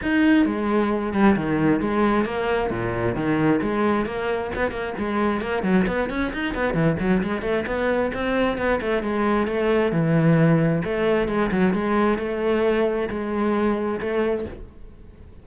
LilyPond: \new Staff \with { instrumentName = "cello" } { \time 4/4 \tempo 4 = 133 dis'4 gis4. g8 dis4 | gis4 ais4 ais,4 dis4 | gis4 ais4 b8 ais8 gis4 | ais8 fis8 b8 cis'8 dis'8 b8 e8 fis8 |
gis8 a8 b4 c'4 b8 a8 | gis4 a4 e2 | a4 gis8 fis8 gis4 a4~ | a4 gis2 a4 | }